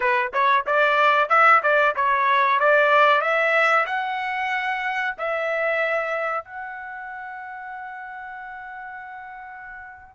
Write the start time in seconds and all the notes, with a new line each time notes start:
0.00 B4
0.33 C#5
0.66 D5
1.29 E5
1.62 D5
1.95 C#5
2.59 D5
3.21 E5
3.86 F#5
5.18 E5
6.44 F#5